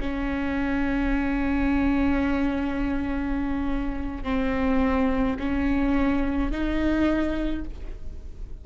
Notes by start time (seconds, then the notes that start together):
0.00 C#4
4.23 C4
5.39 C#4
6.51 D#4